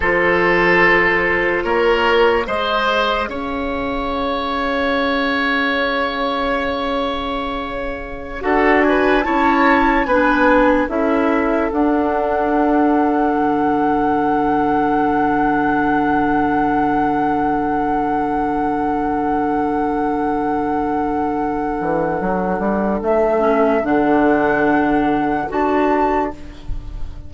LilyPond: <<
  \new Staff \with { instrumentName = "flute" } { \time 4/4 \tempo 4 = 73 c''2 cis''4 dis''4 | f''1~ | f''2~ f''16 fis''8 gis''8 a''8.~ | a''16 gis''4 e''4 fis''4.~ fis''16~ |
fis''1~ | fis''1~ | fis''1 | e''4 fis''2 a''4 | }
  \new Staff \with { instrumentName = "oboe" } { \time 4/4 a'2 ais'4 c''4 | cis''1~ | cis''2~ cis''16 a'8 b'8 cis''8.~ | cis''16 b'4 a'2~ a'8.~ |
a'1~ | a'1~ | a'1~ | a'1 | }
  \new Staff \with { instrumentName = "clarinet" } { \time 4/4 f'2. gis'4~ | gis'1~ | gis'2~ gis'16 fis'4 e'8.~ | e'16 d'4 e'4 d'4.~ d'16~ |
d'1~ | d'1~ | d'1~ | d'8 cis'8 d'2 fis'4 | }
  \new Staff \with { instrumentName = "bassoon" } { \time 4/4 f2 ais4 gis4 | cis'1~ | cis'2~ cis'16 d'4 cis'8.~ | cis'16 b4 cis'4 d'4.~ d'16~ |
d'16 d2.~ d8.~ | d1~ | d2~ d8 e8 fis8 g8 | a4 d2 d'4 | }
>>